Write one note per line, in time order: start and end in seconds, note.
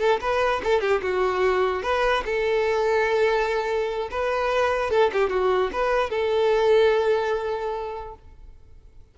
0.00 0.20 A4
0.21 0.62 B4
0.64 0.81 A4
0.81 1.02 G4
1.02 1.83 F#4
1.83 2.24 B4
2.26 4.10 A4
4.12 4.91 B4
4.91 5.12 A4
5.13 5.30 G4
5.30 5.71 F#4
5.73 6.11 B4
6.11 8.15 A4